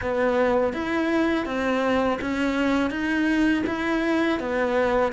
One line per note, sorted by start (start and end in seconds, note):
0.01 0.73 B3
0.73 1.45 E4
1.45 2.19 C4
2.21 2.90 C#4
2.90 3.63 D#4
3.66 4.39 E4
4.39 5.12 B3